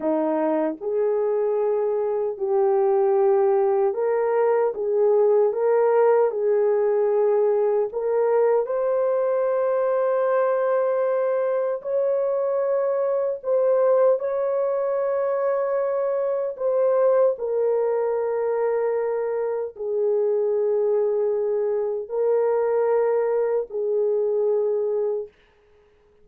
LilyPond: \new Staff \with { instrumentName = "horn" } { \time 4/4 \tempo 4 = 76 dis'4 gis'2 g'4~ | g'4 ais'4 gis'4 ais'4 | gis'2 ais'4 c''4~ | c''2. cis''4~ |
cis''4 c''4 cis''2~ | cis''4 c''4 ais'2~ | ais'4 gis'2. | ais'2 gis'2 | }